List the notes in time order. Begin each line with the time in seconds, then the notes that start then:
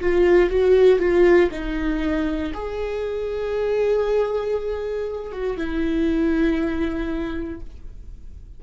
0.00 F4
0.50 F#4
0.99 F4
1.51 D#4
2.53 G#4
5.32 F#4
5.57 E4